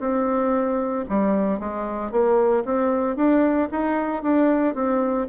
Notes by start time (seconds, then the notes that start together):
0.00 C4
1.10 G3
1.60 G#3
2.11 A#3
2.66 C4
3.16 D4
3.72 D#4
4.23 D4
4.75 C4